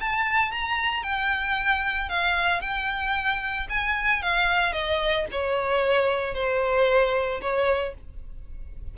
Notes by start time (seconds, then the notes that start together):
0.00 A5
0.51 A#5
1.03 G5
2.09 F5
2.61 G5
3.69 G#5
4.22 F5
4.73 D#5
5.31 C#5
6.34 C5
7.41 C#5